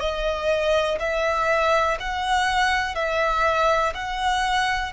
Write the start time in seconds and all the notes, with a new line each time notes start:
0.00 D#5
0.99 E5
1.99 F#5
2.95 E5
3.94 F#5